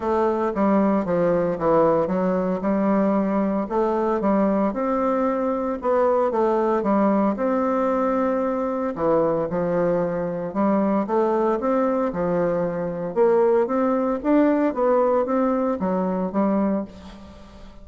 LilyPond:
\new Staff \with { instrumentName = "bassoon" } { \time 4/4 \tempo 4 = 114 a4 g4 f4 e4 | fis4 g2 a4 | g4 c'2 b4 | a4 g4 c'2~ |
c'4 e4 f2 | g4 a4 c'4 f4~ | f4 ais4 c'4 d'4 | b4 c'4 fis4 g4 | }